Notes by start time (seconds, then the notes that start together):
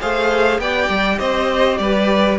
0.00 A3 G#4 C5 F5
0.59 B3 G4 D5 G5
0.89 G3
1.19 C4 C5 D#5
1.78 G3 B4 D5